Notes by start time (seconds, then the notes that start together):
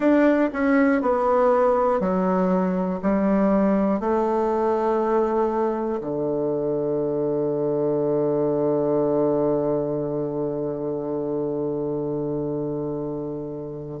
0.00 D4
0.53 C#4
1.01 B3
2.00 F#3
3.02 G3
4.00 A3
6.00 D3